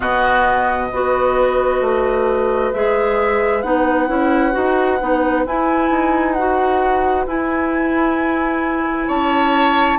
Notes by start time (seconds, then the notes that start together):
0.00 B2 B3 F#4 D#5
0.90 B3 F#4 B4
1.80 A3
2.73 G#3 G#4 E5
3.62 B3 D#4 F#5
4.07 C#4 E4
4.52 D#4 F#4
5.00 B3 D#4
5.45 E4 G#5
5.90 D#4
6.33 F#4 F#5
7.26 E4 G#5
9.07 C#4 C#5 A5